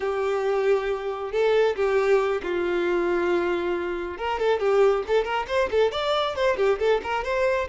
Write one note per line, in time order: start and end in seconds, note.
0.00 1.31 G4
1.31 1.75 A4
1.76 2.41 G4
2.42 4.17 F4
4.17 4.39 A#4
4.39 4.59 A4
4.59 5.03 G4
5.07 5.24 A4
5.24 5.46 A#4
5.47 5.69 C5
5.70 5.91 A4
5.91 6.35 D5
6.35 6.57 C5
6.57 6.78 G4
6.79 7.01 A4
7.03 7.24 A#4
7.24 7.67 C5